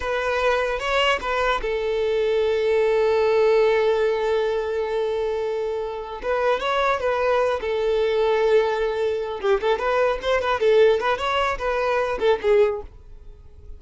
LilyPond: \new Staff \with { instrumentName = "violin" } { \time 4/4 \tempo 4 = 150 b'2 cis''4 b'4 | a'1~ | a'1~ | a'2.~ a'8 b'8~ |
b'8 cis''4 b'4. a'4~ | a'2.~ a'8 g'8 | a'8 b'4 c''8 b'8 a'4 b'8 | cis''4 b'4. a'8 gis'4 | }